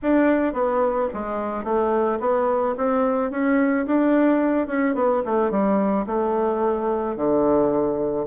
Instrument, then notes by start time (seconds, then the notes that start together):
bassoon
0.02 D4
0.53 B3
1.13 G#3
1.64 A3
2.20 B3
2.77 C4
3.31 C#4
3.86 D4
4.67 C#4
4.94 B3
5.25 A3
5.50 G3
6.06 A3
7.16 D3